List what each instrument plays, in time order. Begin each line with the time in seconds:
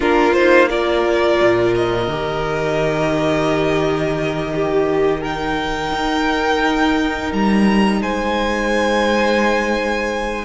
0.00 cello A#3, viola D4, violin F4 A#4
0.33 viola D#4, violin C5
0.69 viola F4, violin A#4 D5
1.41 cello A#2
1.74 violin D#5
2.07 cello D#3, viola G4
4.55 violin G4
5.20 viola D#4, violin A#4 G5
5.92 cello D#4
7.32 cello G3, violin A#5
8.01 cello G#3, violin C5 G#5